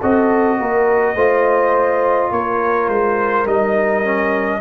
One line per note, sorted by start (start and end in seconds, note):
0.00 0.60 C4
0.00 1.17 F#4
0.00 0.58 A4
0.00 2.32 D#5
0.59 1.15 A#3
0.59 1.15 A#4
1.15 2.31 A3
1.15 3.47 F4
1.15 2.31 C5
2.31 2.88 A#3
2.31 4.61 A#4
2.31 2.89 C#5
2.88 3.46 G#3
2.88 3.46 C5
3.46 4.61 G3
3.46 4.05 D#4
3.46 4.61 D#5
4.05 4.61 C#4